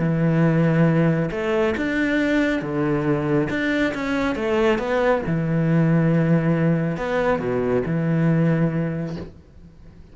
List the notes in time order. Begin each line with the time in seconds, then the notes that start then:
0.00 E3
1.32 A3
1.77 D4
2.62 D3
3.50 D4
3.95 C#4
4.36 A3
4.79 B3
5.27 E3
6.97 B3
7.40 B2
7.86 E3